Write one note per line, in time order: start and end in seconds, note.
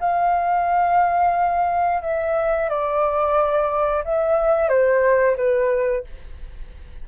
0.00 2.02 F5
2.02 2.69 E5
2.69 4.04 D5
4.04 4.69 E5
4.69 5.36 C5
5.36 6.04 B4